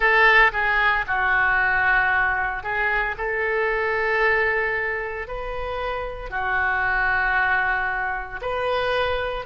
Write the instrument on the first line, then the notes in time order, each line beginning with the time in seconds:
oboe
0.00 A4
0.52 G#4
1.07 F#4
2.63 G#4
3.17 A4
5.27 B4
6.30 F#4
8.41 B4